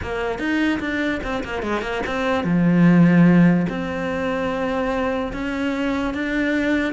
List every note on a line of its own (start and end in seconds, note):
0.02 0.38 A#3
0.38 0.79 D#4
0.80 1.21 D4
1.23 1.43 C4
1.43 1.62 A#3
1.62 1.81 G#3
1.81 2.02 A#3
2.06 2.44 C4
2.44 3.66 F3
3.69 5.32 C4
5.33 6.14 C#4
6.14 6.93 D4